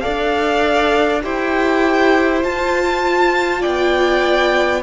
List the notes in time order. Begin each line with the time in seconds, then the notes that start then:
0.00 A4 D5 F5
0.07 D4
1.23 E4 G4 C5 G5
2.42 F4 A5
3.61 B3 D5 G5